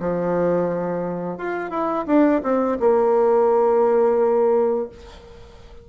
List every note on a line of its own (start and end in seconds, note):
0.00 1.38 F3
1.38 1.70 F4
1.70 2.05 E4
2.07 2.42 D4
2.43 2.78 C4
2.80 4.89 A#3